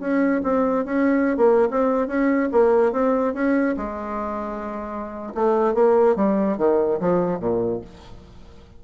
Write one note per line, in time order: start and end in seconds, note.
0.00 0.42 C#4
0.43 0.85 C4
0.85 1.37 C#4
1.37 1.68 A#3
1.71 2.07 C4
2.07 2.49 C#4
2.52 2.92 A#3
2.92 3.34 C4
3.34 3.75 C#4
3.77 5.33 G#3
5.35 5.74 A3
5.74 6.16 A#3
6.16 6.58 G3
6.58 6.99 D#3
7.00 7.40 F3
7.40 7.81 A#2